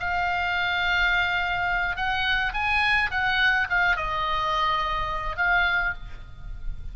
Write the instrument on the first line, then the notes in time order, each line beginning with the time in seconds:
oboe
0.00 F5
1.96 F#5
2.54 G#5
3.11 F#5
3.70 F5
3.97 D#5
5.37 F5